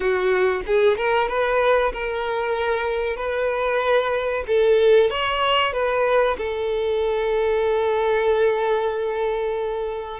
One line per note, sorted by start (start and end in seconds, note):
0.00 0.62 F#4
0.66 0.97 G#4
0.97 1.28 A#4
1.28 1.92 B4
1.92 3.16 A#4
3.16 4.44 B4
4.47 5.10 A4
5.10 5.72 C#5
5.72 6.36 B4
6.37 10.20 A4